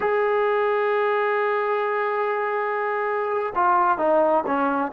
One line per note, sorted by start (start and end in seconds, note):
0.00 3.53 G#4
3.55 3.98 F4
3.98 4.43 D#4
4.46 4.92 C#4